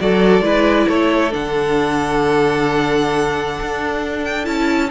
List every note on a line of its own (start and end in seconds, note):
0.00 0.41 F#3
0.00 0.42 F#4
0.00 0.45 A4
0.00 0.88 D5
0.41 0.86 G#3
0.41 1.30 E4
0.41 0.88 B4
0.88 1.34 A3
0.88 4.91 A4
0.88 1.33 C#5
1.30 3.59 D3
1.30 4.44 D4
1.30 4.25 F#5
3.60 4.47 D4
4.25 4.45 G5
4.44 4.91 C#4
4.44 4.89 E4
4.44 4.90 A5